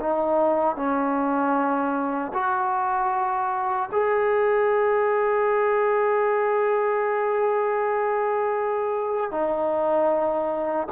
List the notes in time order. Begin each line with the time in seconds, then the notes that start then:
0.00 D#4
0.76 C#4
2.33 F#4
3.92 G#4
9.31 D#4